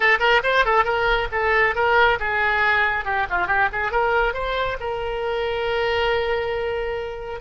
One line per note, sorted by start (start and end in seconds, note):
0.00 0.18 A4
0.19 0.41 A#4
0.43 0.65 C5
0.65 0.84 A4
0.84 1.27 A#4
1.31 1.75 A4
1.75 2.18 A#4
2.19 3.04 G#4
3.04 3.26 G4
3.29 3.46 F4
3.46 3.68 G4
3.72 3.91 G#4
3.91 4.33 A#4
4.33 4.77 C5
4.79 7.40 A#4